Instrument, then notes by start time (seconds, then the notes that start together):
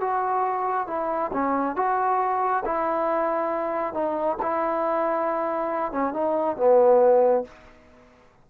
trombone
0.00 F#4
0.87 E4
1.32 C#4
1.76 F#4
2.65 E4
3.93 D#4
4.42 E4
5.92 C#4
6.13 D#4
6.57 B3